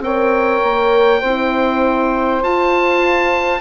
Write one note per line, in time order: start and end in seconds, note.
0.00 0.60 C4
0.00 1.24 A#4
0.00 1.20 C#5
0.00 2.43 G5
0.63 1.23 A#3
1.20 2.43 C4
1.20 2.44 E4
1.20 3.60 C5
2.43 3.61 F4
2.43 3.61 A5